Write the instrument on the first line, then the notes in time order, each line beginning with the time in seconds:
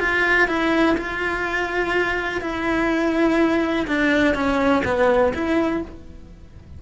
cello
0.00 F4
0.48 E4
0.97 F4
2.41 E4
3.87 D4
4.34 C#4
4.85 B3
5.34 E4